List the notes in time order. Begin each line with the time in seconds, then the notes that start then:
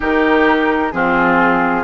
0.00 D#3 D#4 G4 A#4
0.91 F3 C4 F4 G#4